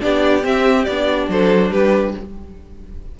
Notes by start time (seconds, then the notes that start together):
0.00 B3 D4 G4 D5
0.43 C4 E5
0.85 B3 D5
0.91 D4
1.28 F#3 A4 C5
1.71 G3 G4 B4